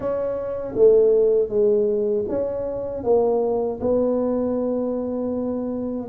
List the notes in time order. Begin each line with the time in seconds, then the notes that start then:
0.00 C#4
0.75 A3
1.48 G#3
2.28 C#4
3.03 A#3
3.80 B3